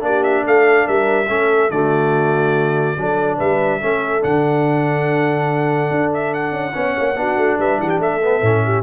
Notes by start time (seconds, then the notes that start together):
0.00 A#3 D4 G4 D5
0.24 E5
0.44 A3 A4 F5
0.86 G3 A#4 E5
1.29 A3 C#4 A4
1.71 D3 A3 F#4 D5
2.98 F#3 D4 A4
3.37 G3 B4 E5
3.80 A3 C#4 A4
4.21 D3 D4 F#5
5.91 D4
6.14 E5
6.34 F#5
6.52 C#4
6.74 B3 C#4 C#5
6.99 A#3
7.17 B3 D4 F#4
7.37 A3
7.58 G3 B4 E5
7.78 E3 G4 F#5
7.90 G5
7.99 A3 A4 E5
8.23 B3
8.42 A2 C#4
8.65 G4